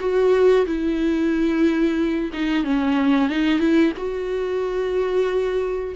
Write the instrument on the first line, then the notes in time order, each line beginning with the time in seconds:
viola
0.00 F#4
0.66 E4
2.33 D#4
2.64 C#4
3.30 D#4
3.59 E4
3.97 F#4